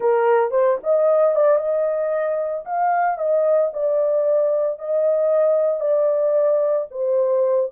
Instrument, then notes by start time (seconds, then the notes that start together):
horn
0.00 A#4
0.50 C5
0.83 D#5
1.35 D5
1.57 D#5
2.65 F5
3.18 D#5
3.73 D5
4.78 D#5
5.80 D5
6.91 C5